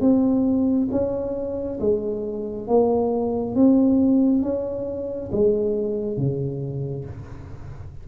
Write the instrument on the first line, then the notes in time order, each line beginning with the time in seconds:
tuba
0.00 C4
0.91 C#4
1.80 G#3
2.68 A#3
3.55 C4
4.42 C#4
5.32 G#3
6.17 C#3